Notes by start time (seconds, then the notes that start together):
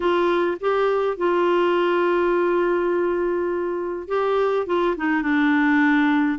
0.00 F4
0.60 G4
1.17 F4
4.08 G4
4.66 F4
4.96 D#4
5.22 D4